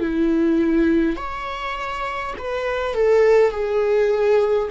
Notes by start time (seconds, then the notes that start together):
0.00 E4
1.17 C#5
2.39 B4
2.95 A4
3.51 G#4